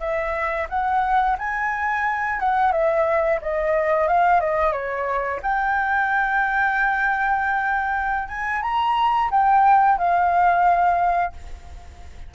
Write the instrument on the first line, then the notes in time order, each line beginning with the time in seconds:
flute
0.00 E5
0.69 F#5
1.38 G#5
2.40 F#5
2.72 E5
3.42 D#5
4.07 F5
4.41 D#5
4.73 C#5
5.42 G5
8.28 G#5
8.62 A#5
9.31 G5
9.98 F5